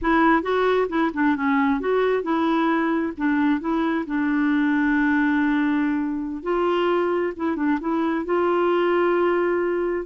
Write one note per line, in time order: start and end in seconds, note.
0.01 0.42 E4
0.42 0.87 F#4
0.88 1.11 E4
1.13 1.36 D4
1.36 1.79 C#4
1.79 2.22 F#4
2.22 3.13 E4
3.17 3.60 D4
3.60 4.05 E4
4.06 6.42 D4
6.42 7.33 F4
7.36 7.56 E4
7.56 7.78 D4
7.80 8.25 E4
8.25 10.05 F4